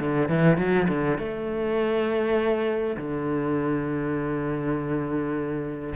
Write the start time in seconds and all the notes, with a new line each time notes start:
0.00 D3
0.29 E3
0.58 F#3
0.89 D3
1.19 A3
2.97 D3